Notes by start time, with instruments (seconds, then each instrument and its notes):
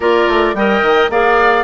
0.00 bassoon A#3, clarinet F4, oboe A#4, flute D5
0.27 bassoon A3
0.54 bassoon G3, clarinet A#4, oboe D#5, flute G5
0.81 bassoon D#3
1.09 bassoon A#3, clarinet G#4, oboe D5, flute F5